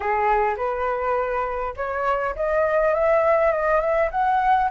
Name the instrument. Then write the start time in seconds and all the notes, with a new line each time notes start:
flute
0.00 G#4
0.56 B4
1.76 C#5
2.35 D#5
2.94 E5
3.51 D#5
3.80 E5
4.11 F#5